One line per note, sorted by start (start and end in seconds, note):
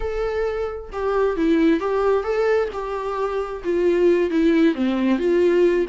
0.00 0.90 A4
0.92 1.36 G4
1.36 1.79 E4
1.79 2.23 G4
2.23 2.68 A4
2.72 3.63 G4
3.64 4.30 F4
4.30 4.75 E4
4.75 5.18 C4
5.18 5.85 F4